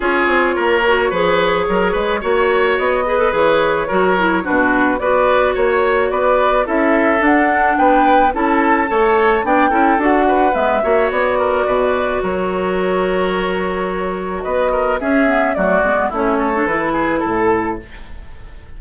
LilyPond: <<
  \new Staff \with { instrumentName = "flute" } { \time 4/4 \tempo 4 = 108 cis''1~ | cis''4 dis''4 cis''2 | b'4 d''4 cis''4 d''4 | e''4 fis''4 g''4 a''4~ |
a''4 g''4 fis''4 e''4 | d''2 cis''2~ | cis''2 dis''4 e''4 | d''4 cis''4 b'4 a'4 | }
  \new Staff \with { instrumentName = "oboe" } { \time 4/4 gis'4 ais'4 b'4 ais'8 b'8 | cis''4. b'4. ais'4 | fis'4 b'4 cis''4 b'4 | a'2 b'4 a'4 |
cis''4 d''8 a'4 b'4 cis''8~ | cis''8 ais'8 b'4 ais'2~ | ais'2 b'8 ais'8 gis'4 | fis'4 e'8 a'4 gis'8 a'4 | }
  \new Staff \with { instrumentName = "clarinet" } { \time 4/4 f'4. fis'8 gis'2 | fis'4. gis'16 a'16 gis'4 fis'8 e'8 | d'4 fis'2. | e'4 d'2 e'4 |
a'4 d'8 e'8 fis'4 b8 fis'8~ | fis'1~ | fis'2. cis'8 b8 | a8 b8 cis'8. d'16 e'2 | }
  \new Staff \with { instrumentName = "bassoon" } { \time 4/4 cis'8 c'8 ais4 f4 fis8 gis8 | ais4 b4 e4 fis4 | b,4 b4 ais4 b4 | cis'4 d'4 b4 cis'4 |
a4 b8 cis'8 d'4 gis8 ais8 | b4 b,4 fis2~ | fis2 b4 cis'4 | fis8 gis8 a4 e4 a,4 | }
>>